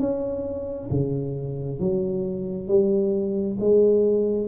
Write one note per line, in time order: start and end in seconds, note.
0.00 0.90 C#4
0.91 1.80 C#3
1.80 2.68 F#3
2.68 3.58 G3
3.61 4.48 G#3